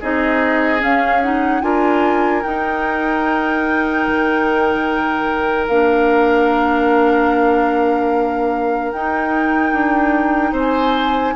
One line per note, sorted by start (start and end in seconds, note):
0.00 0.82 C4
0.00 0.79 D#4
0.00 1.62 G#4
0.00 0.83 D#5
0.79 1.19 C#4
0.79 1.62 C#4
0.79 1.22 F5
1.22 1.61 D#4
1.22 1.62 F#5
1.61 2.43 D4
1.61 2.42 F4
1.61 10.52 A#4
1.61 2.43 G#5
2.43 5.69 D#4
2.43 4.07 D#4
2.43 5.67 G5
4.07 5.68 D#3
5.68 8.92 A#3
5.68 8.94 D4
5.68 8.92 F5
8.92 9.73 D#4
8.92 11.35 D#4
8.92 10.54 G5
9.73 10.52 D4
10.52 11.33 C4
10.52 11.33 C5
10.58 11.35 G#5